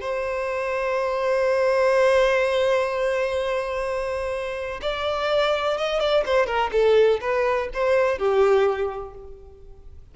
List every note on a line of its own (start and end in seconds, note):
0.00 4.80 C5
4.81 5.77 D5
5.77 5.99 D#5
5.99 6.23 D5
6.25 6.46 C5
6.46 6.70 A#4
6.72 7.20 A4
7.21 7.69 B4
7.73 8.18 C5
8.18 9.14 G4